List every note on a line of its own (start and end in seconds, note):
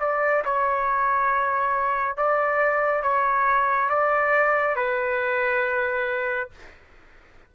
0.00 0.43 D5
0.45 2.17 C#5
2.17 3.03 D5
3.03 3.89 C#5
3.89 4.76 D5
4.76 6.50 B4